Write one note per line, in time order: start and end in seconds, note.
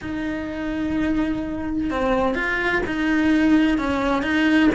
0.01 1.90 D#4
1.90 2.34 C4
2.34 2.82 F4
2.85 3.78 D#4
3.78 4.22 C#4
4.22 4.69 D#4